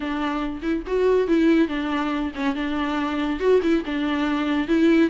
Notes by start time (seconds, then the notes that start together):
0.00 D4
0.62 E4
0.86 F#4
1.27 E4
1.68 D4
2.35 C#4
2.55 D4
3.39 F#4
3.62 E4
3.85 D4
4.67 E4